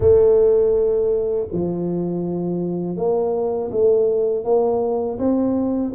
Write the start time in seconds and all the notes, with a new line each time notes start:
0.00 A3
1.52 F3
2.96 A#3
3.71 A3
4.44 A#3
5.19 C4